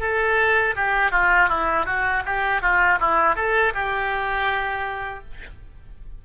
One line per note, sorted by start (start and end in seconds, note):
0.00 0.75 A4
0.76 1.11 G4
1.11 1.49 F4
1.49 1.86 E4
1.86 2.23 F#4
2.25 2.62 G4
2.62 2.99 F4
3.00 3.36 E4
3.36 3.73 A4
3.74 5.24 G4